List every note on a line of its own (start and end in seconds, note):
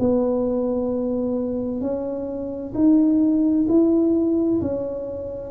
0.00 1.81 B3
1.81 2.74 C#4
2.75 3.67 D#4
3.69 4.61 E4
4.62 5.51 C#4